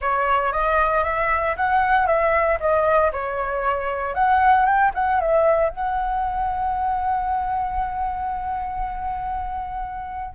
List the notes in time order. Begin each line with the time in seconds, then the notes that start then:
0.01 C#5
0.52 D#5
1.04 E5
1.56 F#5
2.06 E5
2.60 D#5
3.12 C#5
4.14 F#5
4.65 G5
4.94 F#5
5.20 E5
5.69 F#5